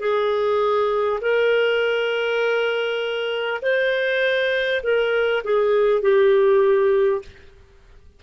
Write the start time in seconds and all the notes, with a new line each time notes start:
0.00 G#4
1.22 A#4
3.62 C5
4.83 A#4
5.44 G#4
6.02 G4